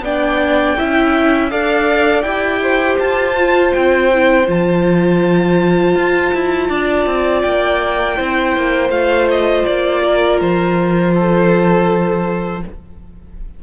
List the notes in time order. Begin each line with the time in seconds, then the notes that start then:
0.00 B3 D4 D5 G5
0.77 C#4 E4 E5
1.50 D4 A4 D5 F5
2.21 E4 G4 G5
2.62 C5
2.99 F4 A5
3.37 F4
3.72 C4 G5
4.13 E4
4.46 F3 F4 A5
5.95 F4
6.33 E4
6.68 D4 D5
7.05 C4
7.41 A#3 G5
8.16 C4 E4 C5
8.56 A#3
8.89 A3 F4 F5
9.30 D#5
9.65 A#3 D5
10.03 A#4
10.40 F3 C5
11.14 A4